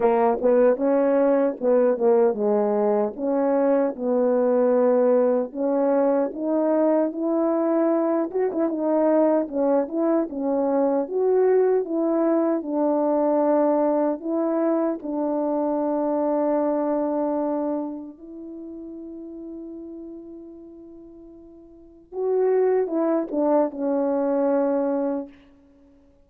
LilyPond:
\new Staff \with { instrumentName = "horn" } { \time 4/4 \tempo 4 = 76 ais8 b8 cis'4 b8 ais8 gis4 | cis'4 b2 cis'4 | dis'4 e'4. fis'16 e'16 dis'4 | cis'8 e'8 cis'4 fis'4 e'4 |
d'2 e'4 d'4~ | d'2. e'4~ | e'1 | fis'4 e'8 d'8 cis'2 | }